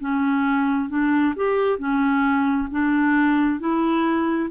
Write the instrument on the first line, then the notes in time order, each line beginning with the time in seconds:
clarinet
0.00 C#4
0.89 D4
1.36 G4
1.78 C#4
2.71 D4
3.59 E4